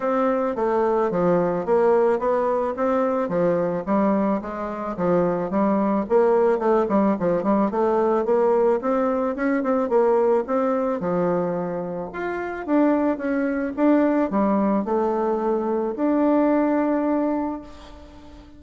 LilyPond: \new Staff \with { instrumentName = "bassoon" } { \time 4/4 \tempo 4 = 109 c'4 a4 f4 ais4 | b4 c'4 f4 g4 | gis4 f4 g4 ais4 | a8 g8 f8 g8 a4 ais4 |
c'4 cis'8 c'8 ais4 c'4 | f2 f'4 d'4 | cis'4 d'4 g4 a4~ | a4 d'2. | }